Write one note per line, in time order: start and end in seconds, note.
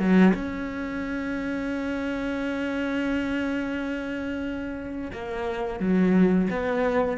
0.00 0.34 F#3
0.35 5.12 C#4
5.13 5.80 A#3
5.80 6.48 F#3
6.51 7.18 B3